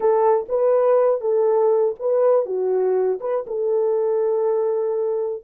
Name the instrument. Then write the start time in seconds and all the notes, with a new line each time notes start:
horn
0.00 A4
0.49 B4
1.20 A4
1.99 B4
2.45 F#4
3.20 B4
3.46 A4